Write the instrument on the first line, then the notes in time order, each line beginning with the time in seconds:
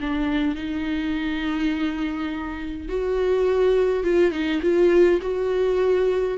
viola
0.00 D4
0.55 D#4
2.88 F#4
4.03 F4
4.31 D#4
4.62 F4
5.22 F#4